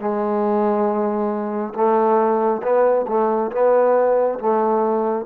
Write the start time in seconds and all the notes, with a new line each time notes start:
0.00 G#3
1.75 A3
2.63 B3
3.08 A3
3.52 B3
4.40 A3